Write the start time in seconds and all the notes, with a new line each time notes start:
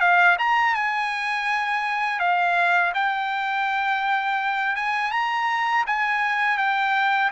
0.00 F5
0.38 A#5
0.74 G#5
2.19 F5
2.94 G5
4.76 G#5
5.11 A#5
5.86 G#5
6.58 G5